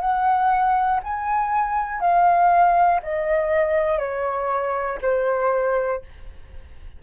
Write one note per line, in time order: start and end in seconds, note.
0.00 1.00 F#5
1.03 2.01 G#5
2.01 3.01 F5
3.02 3.99 D#5
3.99 4.99 C#5
5.01 6.01 C5